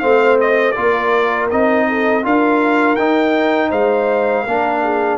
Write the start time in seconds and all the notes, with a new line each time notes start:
0.00 A3 C4 C5 F5
0.41 D#5
0.73 A#3 F4 A#4 D5
1.51 C4 D#4 D#5
1.89 A4
2.24 D4 F4 A#4 F5
2.96 D#4 G5
3.70 G#3 C5 F5
4.44 A#3 D4 A#4
4.83 G#4